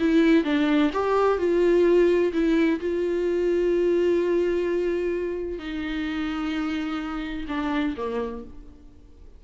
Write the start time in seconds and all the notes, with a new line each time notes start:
0.00 E4
0.44 D4
0.94 G4
1.38 F4
2.33 E4
2.80 F4
5.59 D#4
7.49 D4
7.97 A#3